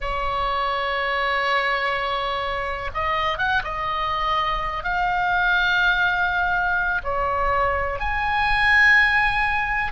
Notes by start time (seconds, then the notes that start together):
0.00 C#5
2.93 D#5
3.38 F#5
3.63 D#5
4.83 F5
7.03 C#5
7.99 G#5